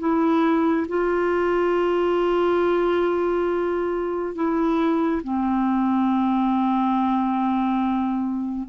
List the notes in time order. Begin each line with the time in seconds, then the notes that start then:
0.00 E4
0.89 F4
4.35 E4
5.24 C4